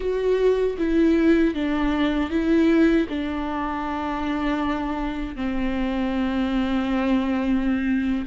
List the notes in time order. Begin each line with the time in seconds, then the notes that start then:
0.00 F#4
0.77 E4
1.54 D4
2.29 E4
3.09 D4
5.35 C4